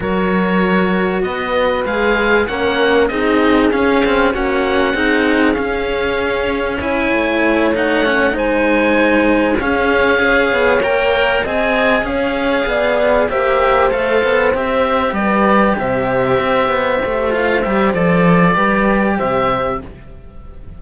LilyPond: <<
  \new Staff \with { instrumentName = "oboe" } { \time 4/4 \tempo 4 = 97 cis''2 dis''4 f''4 | fis''4 dis''4 f''4 fis''4~ | fis''4 f''2 gis''4~ | gis''8 fis''4 gis''2 f''8~ |
f''4. g''4 gis''4 f''8~ | f''4. e''4 f''4 e''8~ | e''8 d''4 e''2~ e''8 | f''8 e''8 d''2 e''4 | }
  \new Staff \with { instrumentName = "horn" } { \time 4/4 ais'2 b'2 | ais'4 gis'2 fis'4 | gis'2. cis''4~ | cis''4. c''2 gis'8~ |
gis'8 cis''2 dis''4 cis''8~ | cis''8 d''4 c''2~ c''8~ | c''8 b'4 c''2~ c''8~ | c''2 b'4 c''4 | }
  \new Staff \with { instrumentName = "cello" } { \time 4/4 fis'2. gis'4 | cis'4 dis'4 cis'8 c'8 cis'4 | dis'4 cis'2 e'4~ | e'8 dis'8 cis'8 dis'2 cis'8~ |
cis'8 gis'4 ais'4 gis'4.~ | gis'4. g'4 a'4 g'8~ | g'1 | f'8 g'8 a'4 g'2 | }
  \new Staff \with { instrumentName = "cello" } { \time 4/4 fis2 b4 gis4 | ais4 c'4 cis'4 ais4 | c'4 cis'2~ cis'8 a8~ | a4. gis2 cis'8~ |
cis'4 b8 ais4 c'4 cis'8~ | cis'8 b4 ais4 a8 b8 c'8~ | c'8 g4 c4 c'8 b8 a8~ | a8 g8 f4 g4 c4 | }
>>